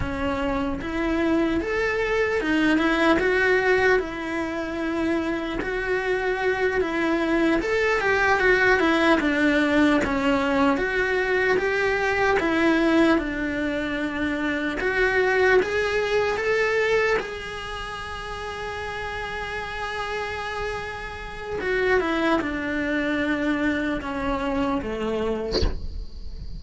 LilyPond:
\new Staff \with { instrumentName = "cello" } { \time 4/4 \tempo 4 = 75 cis'4 e'4 a'4 dis'8 e'8 | fis'4 e'2 fis'4~ | fis'8 e'4 a'8 g'8 fis'8 e'8 d'8~ | d'8 cis'4 fis'4 g'4 e'8~ |
e'8 d'2 fis'4 gis'8~ | gis'8 a'4 gis'2~ gis'8~ | gis'2. fis'8 e'8 | d'2 cis'4 a4 | }